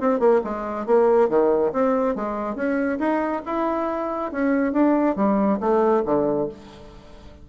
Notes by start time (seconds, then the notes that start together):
0.00 C4
0.19 A#3
0.44 G#3
0.86 A#3
1.29 D#3
1.72 C4
2.15 G#3
2.55 C#4
2.99 D#4
3.46 E4
4.31 C#4
4.72 D4
5.16 G3
5.60 A3
6.05 D3